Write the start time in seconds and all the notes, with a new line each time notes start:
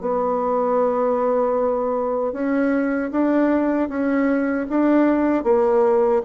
0.00 B3
2.32 C#4
3.11 D4
3.89 C#4
4.69 D4
5.43 A#3